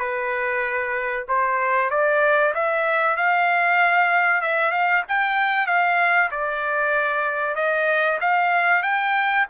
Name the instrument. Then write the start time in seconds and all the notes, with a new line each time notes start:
trumpet
0.00 B4
1.29 C5
1.91 D5
2.55 E5
3.17 F5
4.42 E5
4.72 F5
5.09 G5
5.67 F5
6.32 D5
7.56 D#5
8.21 F5
8.83 G5